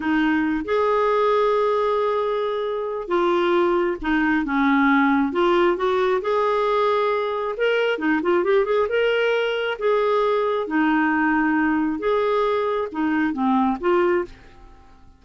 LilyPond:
\new Staff \with { instrumentName = "clarinet" } { \time 4/4 \tempo 4 = 135 dis'4. gis'2~ gis'8~ | gis'2. f'4~ | f'4 dis'4 cis'2 | f'4 fis'4 gis'2~ |
gis'4 ais'4 dis'8 f'8 g'8 gis'8 | ais'2 gis'2 | dis'2. gis'4~ | gis'4 dis'4 c'4 f'4 | }